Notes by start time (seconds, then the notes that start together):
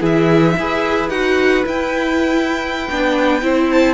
0.00 E3 E4 G#4 E5
0.56 E4 G#4 B4
1.09 D#4 F#4 F#5
1.64 E4 G5
2.90 B3 D4
3.41 C4 E4 C5
3.71 A5